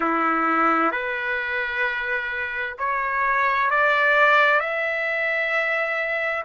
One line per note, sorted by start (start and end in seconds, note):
0.00 0.91 E4
0.91 2.76 B4
2.78 3.70 C#5
3.70 4.59 D5
4.59 6.44 E5